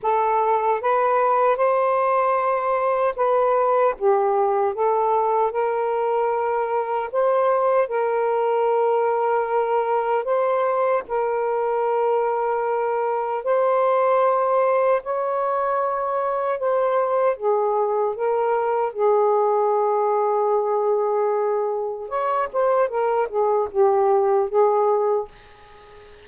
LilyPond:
\new Staff \with { instrumentName = "saxophone" } { \time 4/4 \tempo 4 = 76 a'4 b'4 c''2 | b'4 g'4 a'4 ais'4~ | ais'4 c''4 ais'2~ | ais'4 c''4 ais'2~ |
ais'4 c''2 cis''4~ | cis''4 c''4 gis'4 ais'4 | gis'1 | cis''8 c''8 ais'8 gis'8 g'4 gis'4 | }